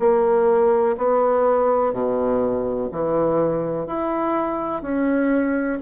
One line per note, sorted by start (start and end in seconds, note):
0.00 0.97 A#3
0.98 1.93 B3
1.93 2.90 B2
2.92 3.87 E3
3.87 4.83 E4
4.83 5.80 C#4